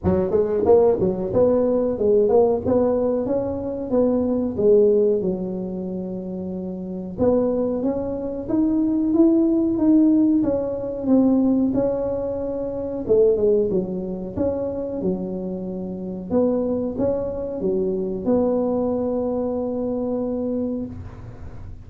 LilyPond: \new Staff \with { instrumentName = "tuba" } { \time 4/4 \tempo 4 = 92 fis8 gis8 ais8 fis8 b4 gis8 ais8 | b4 cis'4 b4 gis4 | fis2. b4 | cis'4 dis'4 e'4 dis'4 |
cis'4 c'4 cis'2 | a8 gis8 fis4 cis'4 fis4~ | fis4 b4 cis'4 fis4 | b1 | }